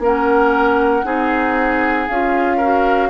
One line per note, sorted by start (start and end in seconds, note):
0.00 1.03 A#3
0.00 1.04 C#4
0.00 1.06 A#4
0.00 2.09 F#5
1.04 2.09 C4
1.04 2.08 D#4
1.04 2.58 G#4
2.09 3.10 C#4
2.09 2.63 F4
2.09 3.10 F5
2.58 3.10 F#4
2.58 3.09 A#4